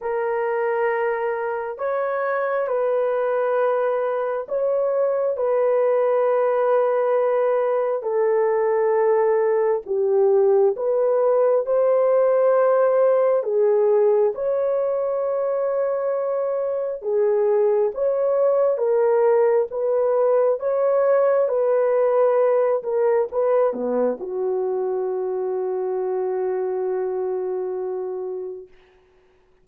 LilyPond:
\new Staff \with { instrumentName = "horn" } { \time 4/4 \tempo 4 = 67 ais'2 cis''4 b'4~ | b'4 cis''4 b'2~ | b'4 a'2 g'4 | b'4 c''2 gis'4 |
cis''2. gis'4 | cis''4 ais'4 b'4 cis''4 | b'4. ais'8 b'8 b8 fis'4~ | fis'1 | }